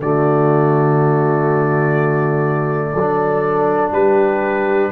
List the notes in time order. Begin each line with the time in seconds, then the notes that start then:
0.00 D3 A3 F#4 D5
2.92 F#3 A4
3.00 D4
3.92 G3 G4 B4